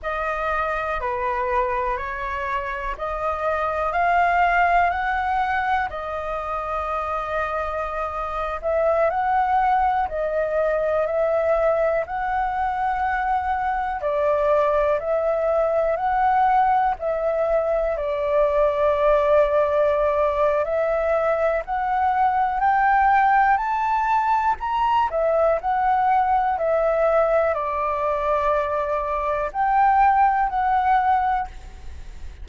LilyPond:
\new Staff \with { instrumentName = "flute" } { \time 4/4 \tempo 4 = 61 dis''4 b'4 cis''4 dis''4 | f''4 fis''4 dis''2~ | dis''8. e''8 fis''4 dis''4 e''8.~ | e''16 fis''2 d''4 e''8.~ |
e''16 fis''4 e''4 d''4.~ d''16~ | d''4 e''4 fis''4 g''4 | a''4 ais''8 e''8 fis''4 e''4 | d''2 g''4 fis''4 | }